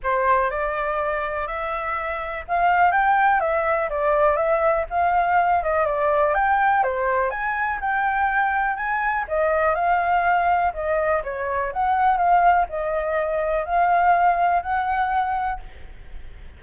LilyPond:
\new Staff \with { instrumentName = "flute" } { \time 4/4 \tempo 4 = 123 c''4 d''2 e''4~ | e''4 f''4 g''4 e''4 | d''4 e''4 f''4. dis''8 | d''4 g''4 c''4 gis''4 |
g''2 gis''4 dis''4 | f''2 dis''4 cis''4 | fis''4 f''4 dis''2 | f''2 fis''2 | }